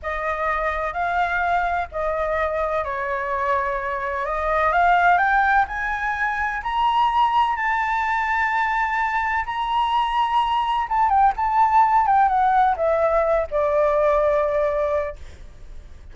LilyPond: \new Staff \with { instrumentName = "flute" } { \time 4/4 \tempo 4 = 127 dis''2 f''2 | dis''2 cis''2~ | cis''4 dis''4 f''4 g''4 | gis''2 ais''2 |
a''1 | ais''2. a''8 g''8 | a''4. g''8 fis''4 e''4~ | e''8 d''2.~ d''8 | }